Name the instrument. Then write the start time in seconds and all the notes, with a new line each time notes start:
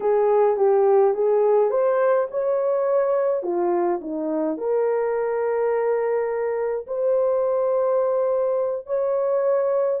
horn
0.00 G#4
0.56 G4
1.14 G#4
1.70 C5
2.30 C#5
3.42 F4
4.01 D#4
4.57 A#4
6.86 C5
8.86 C#5